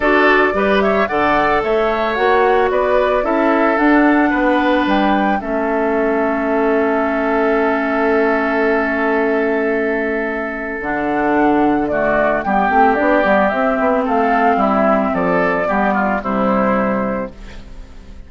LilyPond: <<
  \new Staff \with { instrumentName = "flute" } { \time 4/4 \tempo 4 = 111 d''4. e''8 fis''4 e''4 | fis''4 d''4 e''4 fis''4~ | fis''4 g''4 e''2~ | e''1~ |
e''1 | fis''2 d''4 g''4 | d''4 e''4 f''4 e''4 | d''2 c''2 | }
  \new Staff \with { instrumentName = "oboe" } { \time 4/4 a'4 b'8 cis''8 d''4 cis''4~ | cis''4 b'4 a'2 | b'2 a'2~ | a'1~ |
a'1~ | a'2 fis'4 g'4~ | g'2 a'4 e'4 | a'4 g'8 f'8 e'2 | }
  \new Staff \with { instrumentName = "clarinet" } { \time 4/4 fis'4 g'4 a'2 | fis'2 e'4 d'4~ | d'2 cis'2~ | cis'1~ |
cis'1 | d'2 a4 b8 c'8 | d'8 b8 c'2.~ | c'4 b4 g2 | }
  \new Staff \with { instrumentName = "bassoon" } { \time 4/4 d'4 g4 d4 a4 | ais4 b4 cis'4 d'4 | b4 g4 a2~ | a1~ |
a1 | d2. g8 a8 | b8 g8 c'8 b8 a4 g4 | f4 g4 c2 | }
>>